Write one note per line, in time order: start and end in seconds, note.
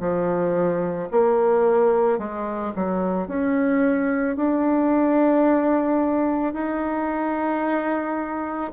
0.00 1.09 F3
1.11 2.19 A#3
2.19 2.73 G#3
2.76 3.28 F#3
3.28 4.36 C#4
4.36 6.54 D4
6.54 8.72 D#4